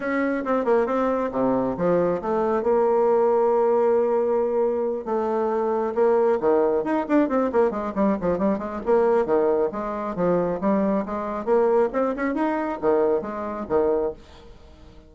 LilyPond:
\new Staff \with { instrumentName = "bassoon" } { \time 4/4 \tempo 4 = 136 cis'4 c'8 ais8 c'4 c4 | f4 a4 ais2~ | ais2.~ ais8 a8~ | a4. ais4 dis4 dis'8 |
d'8 c'8 ais8 gis8 g8 f8 g8 gis8 | ais4 dis4 gis4 f4 | g4 gis4 ais4 c'8 cis'8 | dis'4 dis4 gis4 dis4 | }